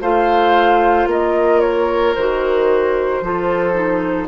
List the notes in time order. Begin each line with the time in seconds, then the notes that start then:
0.00 A3 F4 C5 F5
1.06 A#3 A#4 D#5
1.60 C#5
2.14 D#3 F#4 C5
3.21 F3 F4 A4
3.73 D#4